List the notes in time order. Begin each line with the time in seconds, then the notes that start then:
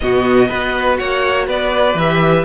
0.00 B2 B3 F#4 D#5
0.48 B3 F#4 B4
0.96 A#3 C#5 F#5
1.46 B3 B4 D5
1.94 E3 G4 E5